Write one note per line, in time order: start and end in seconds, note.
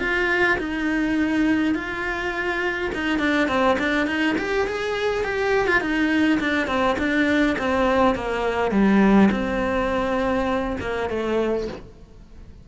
0.00 0.58 F4
0.59 1.75 D#4
1.75 2.92 F4
2.95 3.19 D#4
3.19 3.48 D4
3.48 3.78 C4
3.79 4.07 D4
4.07 4.36 D#4
4.38 4.68 G4
4.68 5.24 G#4
5.24 5.67 G4
5.67 5.81 F4
5.81 6.39 D#4
6.41 6.68 D4
6.68 6.97 C4
6.99 7.57 D4
7.59 8.16 C4
8.16 8.71 A#3
8.71 9.30 G3
9.32 10.77 C4
10.81 11.10 A#3
11.10 11.68 A3